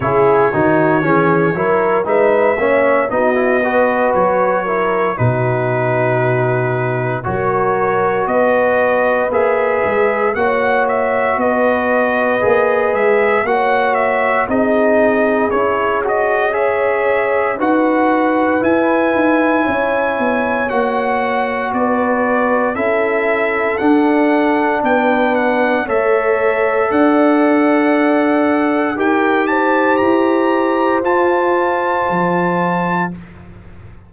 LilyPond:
<<
  \new Staff \with { instrumentName = "trumpet" } { \time 4/4 \tempo 4 = 58 cis''2 e''4 dis''4 | cis''4 b'2 cis''4 | dis''4 e''4 fis''8 e''8 dis''4~ | dis''8 e''8 fis''8 e''8 dis''4 cis''8 dis''8 |
e''4 fis''4 gis''2 | fis''4 d''4 e''4 fis''4 | g''8 fis''8 e''4 fis''2 | g''8 a''8 ais''4 a''2 | }
  \new Staff \with { instrumentName = "horn" } { \time 4/4 gis'8 fis'8 gis'8 ais'8 b'8 cis''8 fis'8 b'8~ | b'8 ais'8 fis'2 ais'4 | b'2 cis''4 b'4~ | b'4 cis''4 gis'2 |
cis''4 b'2 cis''4~ | cis''4 b'4 a'2 | b'4 cis''4 d''2 | ais'8 c''2.~ c''8 | }
  \new Staff \with { instrumentName = "trombone" } { \time 4/4 e'8 dis'8 cis'8 e'8 dis'8 cis'8 dis'16 e'16 fis'8~ | fis'8 e'8 dis'2 fis'4~ | fis'4 gis'4 fis'2 | gis'4 fis'4 dis'4 e'8 fis'8 |
gis'4 fis'4 e'2 | fis'2 e'4 d'4~ | d'4 a'2. | g'2 f'2 | }
  \new Staff \with { instrumentName = "tuba" } { \time 4/4 cis8 dis8 e8 fis8 gis8 ais8 b4 | fis4 b,2 fis4 | b4 ais8 gis8 ais4 b4 | ais8 gis8 ais4 c'4 cis'4~ |
cis'4 dis'4 e'8 dis'8 cis'8 b8 | ais4 b4 cis'4 d'4 | b4 a4 d'2 | dis'4 e'4 f'4 f4 | }
>>